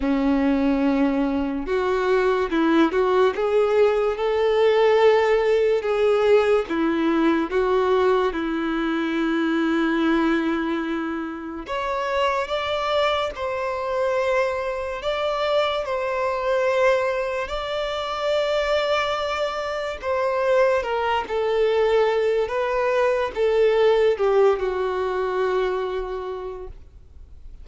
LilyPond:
\new Staff \with { instrumentName = "violin" } { \time 4/4 \tempo 4 = 72 cis'2 fis'4 e'8 fis'8 | gis'4 a'2 gis'4 | e'4 fis'4 e'2~ | e'2 cis''4 d''4 |
c''2 d''4 c''4~ | c''4 d''2. | c''4 ais'8 a'4. b'4 | a'4 g'8 fis'2~ fis'8 | }